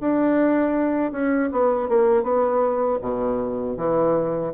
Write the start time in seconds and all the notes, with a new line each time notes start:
0.00 D4
1.12 C#4
1.52 B3
1.88 A#3
2.23 B3
3.01 B2
3.77 E3